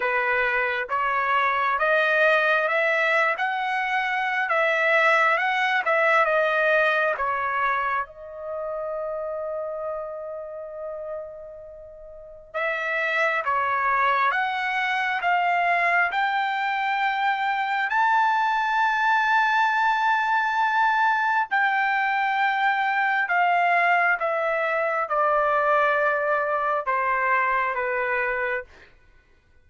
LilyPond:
\new Staff \with { instrumentName = "trumpet" } { \time 4/4 \tempo 4 = 67 b'4 cis''4 dis''4 e''8. fis''16~ | fis''4 e''4 fis''8 e''8 dis''4 | cis''4 dis''2.~ | dis''2 e''4 cis''4 |
fis''4 f''4 g''2 | a''1 | g''2 f''4 e''4 | d''2 c''4 b'4 | }